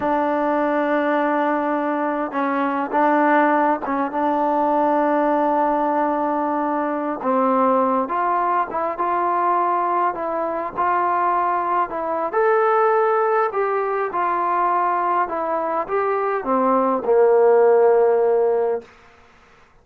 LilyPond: \new Staff \with { instrumentName = "trombone" } { \time 4/4 \tempo 4 = 102 d'1 | cis'4 d'4. cis'8 d'4~ | d'1~ | d'16 c'4. f'4 e'8 f'8.~ |
f'4~ f'16 e'4 f'4.~ f'16~ | f'16 e'8. a'2 g'4 | f'2 e'4 g'4 | c'4 ais2. | }